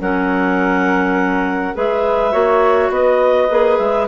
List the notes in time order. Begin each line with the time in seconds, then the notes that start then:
0.00 F#3 C#4 A#4 F#5
1.74 G#3 G#4 B4 E5
2.32 A#3 F#4 C#5
2.89 B3 B4 D#5
3.49 A#3 G#4
3.78 G#3 E5